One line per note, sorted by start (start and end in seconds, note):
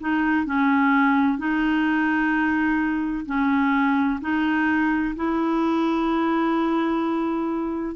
0.00 0.46 D#4
0.46 1.38 C#4
1.38 3.25 D#4
3.26 4.19 C#4
4.21 5.14 D#4
5.16 7.95 E4